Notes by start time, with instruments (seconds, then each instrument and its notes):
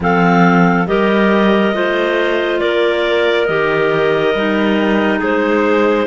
0.00 cello F3, clarinet C4 A4 F5
0.86 cello G3, clarinet G4 A#4 D#5
1.73 cello A3, clarinet F4 C5
2.59 cello A#3, clarinet A#4 D5
3.45 cello D#3, clarinet G4 D#5
4.34 cello G3, clarinet D#4
5.18 cello G#3, clarinet G#4 C5